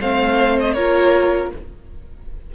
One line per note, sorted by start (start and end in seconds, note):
0.00 0.75 A3
0.00 0.77 C4
0.00 0.74 C5
0.00 0.59 F5
0.60 0.73 D#5
0.73 1.52 A#3
0.73 1.54 F4
0.73 1.51 A#4
0.73 1.50 C#5